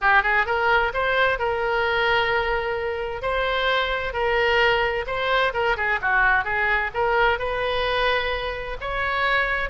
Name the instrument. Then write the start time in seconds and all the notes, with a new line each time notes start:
oboe
0.01 G4
0.23 G#4
0.46 A#4
0.93 C5
1.38 A#4
3.22 C5
4.13 A#4
5.06 C5
5.53 A#4
5.76 G#4
6.01 F#4
6.44 G#4
6.93 A#4
7.38 B4
8.80 C#5